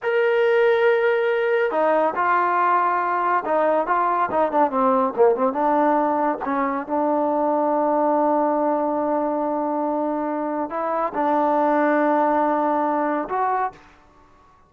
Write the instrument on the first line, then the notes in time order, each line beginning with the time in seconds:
trombone
0.02 A#4
1.71 D#4
2.15 F4
3.45 D#4
3.86 F4
4.31 D#4
4.51 D4
4.70 C4
5.15 A#3
5.35 C4
5.52 D4
6.44 C#4
6.86 D4
10.69 E4
11.14 D4
13.29 F#4